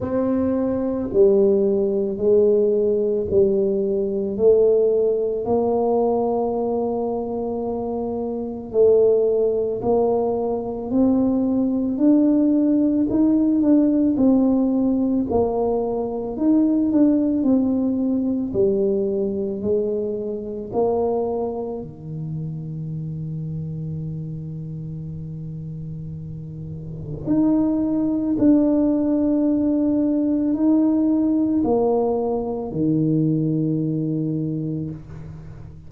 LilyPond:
\new Staff \with { instrumentName = "tuba" } { \time 4/4 \tempo 4 = 55 c'4 g4 gis4 g4 | a4 ais2. | a4 ais4 c'4 d'4 | dis'8 d'8 c'4 ais4 dis'8 d'8 |
c'4 g4 gis4 ais4 | dis1~ | dis4 dis'4 d'2 | dis'4 ais4 dis2 | }